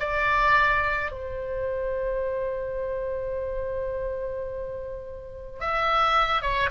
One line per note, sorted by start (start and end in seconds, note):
0.00 1.12 D5
1.12 5.60 C5
5.60 6.42 E5
6.42 6.70 C#5